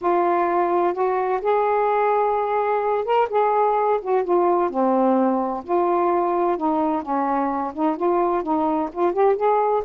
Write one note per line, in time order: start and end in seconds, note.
0.01 0.93 F4
0.93 1.40 F#4
1.41 3.04 G#4
3.04 3.28 A#4
3.29 4.00 G#4
4.01 4.24 F#4
4.24 4.70 F4
4.70 5.63 C4
5.64 6.57 F4
6.57 7.02 D#4
7.02 7.72 C#4
7.73 7.96 D#4
7.96 8.42 F4
8.42 8.89 D#4
8.92 9.12 F4
9.12 9.36 G4
9.36 9.83 G#4